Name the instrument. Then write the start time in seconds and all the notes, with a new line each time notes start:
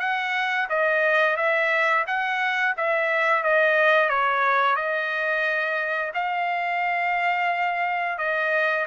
trumpet
0.00 F#5
0.69 D#5
1.37 E5
2.07 F#5
2.77 E5
3.44 D#5
4.10 C#5
4.76 D#5
6.15 F5
8.18 D#5